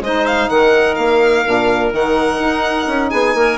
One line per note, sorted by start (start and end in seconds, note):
0.00 0.48 G#3
0.00 1.45 D#4
0.00 0.50 C5
0.00 0.26 D#5
0.26 0.49 F5
0.49 0.97 D#3
0.49 3.11 A#4
0.49 0.95 F#5
0.95 1.45 A#3
0.95 1.90 F5
1.45 1.92 A#2
1.45 1.92 D4
1.92 2.39 D#3
1.92 3.58 D#4
1.92 3.10 F#5
2.39 2.87 D#4
2.87 3.11 C#4
3.10 3.34 B3
3.10 3.35 G#4
3.10 3.58 G#5
3.34 3.58 A#3
3.34 3.58 A#4